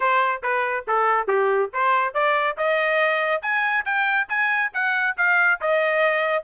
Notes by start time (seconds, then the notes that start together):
0.00 C5
0.42 B4
0.87 A4
1.27 G4
1.73 C5
2.14 D5
2.57 D#5
3.42 G#5
3.85 G5
4.29 G#5
4.73 F#5
5.17 F5
5.60 D#5